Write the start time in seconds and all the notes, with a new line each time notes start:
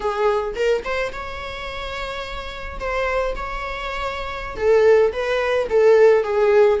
0.00 G#4
0.55 A#4
0.84 C5
1.12 C#5
2.79 C5
3.35 C#5
4.56 A4
5.12 B4
5.69 A4
6.23 G#4